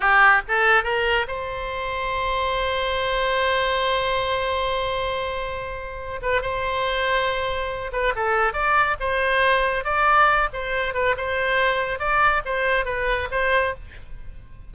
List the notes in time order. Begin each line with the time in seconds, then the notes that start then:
0.00 G4
0.47 A4
0.83 A#4
1.27 C5
6.21 B4
6.41 C5
7.92 B4
8.15 A4
8.53 D5
9.00 C5
9.84 D5
10.53 C5
10.94 B4
11.17 C5
11.99 D5
12.45 C5
12.85 B4
13.31 C5